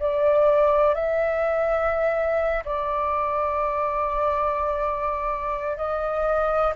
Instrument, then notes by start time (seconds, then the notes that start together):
flute
0.00 D5
0.95 E5
2.65 D5
5.78 D#5